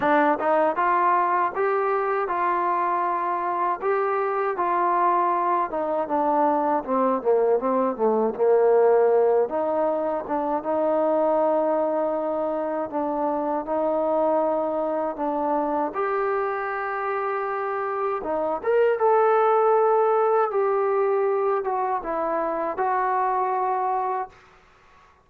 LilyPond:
\new Staff \with { instrumentName = "trombone" } { \time 4/4 \tempo 4 = 79 d'8 dis'8 f'4 g'4 f'4~ | f'4 g'4 f'4. dis'8 | d'4 c'8 ais8 c'8 a8 ais4~ | ais8 dis'4 d'8 dis'2~ |
dis'4 d'4 dis'2 | d'4 g'2. | dis'8 ais'8 a'2 g'4~ | g'8 fis'8 e'4 fis'2 | }